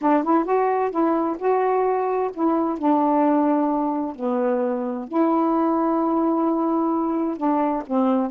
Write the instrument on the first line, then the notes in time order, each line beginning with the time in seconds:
saxophone
0.01 D4
0.23 E4
0.44 F#4
0.90 E4
1.38 F#4
2.33 E4
2.78 D4
4.15 B3
5.08 E4
7.37 D4
7.86 C4